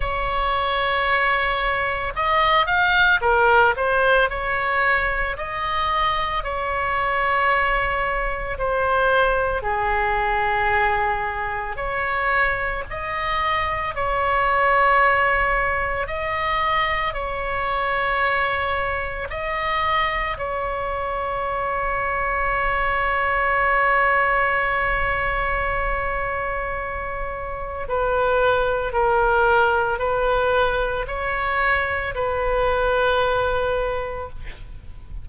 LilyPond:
\new Staff \with { instrumentName = "oboe" } { \time 4/4 \tempo 4 = 56 cis''2 dis''8 f''8 ais'8 c''8 | cis''4 dis''4 cis''2 | c''4 gis'2 cis''4 | dis''4 cis''2 dis''4 |
cis''2 dis''4 cis''4~ | cis''1~ | cis''2 b'4 ais'4 | b'4 cis''4 b'2 | }